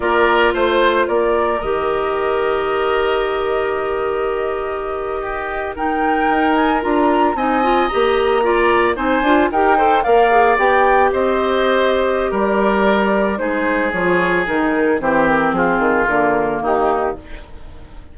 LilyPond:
<<
  \new Staff \with { instrumentName = "flute" } { \time 4/4 \tempo 4 = 112 d''4 c''4 d''4 dis''4~ | dis''1~ | dis''2~ dis''8. g''4~ g''16~ | g''16 gis''8 ais''4 gis''4 ais''4~ ais''16~ |
ais''8. gis''4 g''4 f''4 g''16~ | g''8. dis''2~ dis''16 d''4~ | d''4 c''4 cis''4 ais'4 | c''8 ais'8 gis'4 ais'4 g'4 | }
  \new Staff \with { instrumentName = "oboe" } { \time 4/4 ais'4 c''4 ais'2~ | ais'1~ | ais'4.~ ais'16 g'4 ais'4~ ais'16~ | ais'4.~ ais'16 dis''2 d''16~ |
d''8. c''4 ais'8 c''8 d''4~ d''16~ | d''8. c''2~ c''16 ais'4~ | ais'4 gis'2. | g'4 f'2 dis'4 | }
  \new Staff \with { instrumentName = "clarinet" } { \time 4/4 f'2. g'4~ | g'1~ | g'2~ g'8. dis'4~ dis'16~ | dis'8. f'4 dis'8 f'8 g'4 f'16~ |
f'8. dis'8 f'8 g'8 a'8 ais'8 gis'8 g'16~ | g'1~ | g'4 dis'4 f'4 dis'4 | c'2 ais2 | }
  \new Staff \with { instrumentName = "bassoon" } { \time 4/4 ais4 a4 ais4 dis4~ | dis1~ | dis2.~ dis8. dis'16~ | dis'8. d'4 c'4 ais4~ ais16~ |
ais8. c'8 d'8 dis'4 ais4 b16~ | b8. c'2~ c'16 g4~ | g4 gis4 f4 dis4 | e4 f8 dis8 d4 dis4 | }
>>